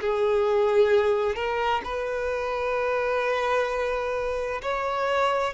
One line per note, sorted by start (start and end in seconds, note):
0.00 1.35 G#4
1.35 1.81 A#4
1.84 4.61 B4
4.62 5.53 C#5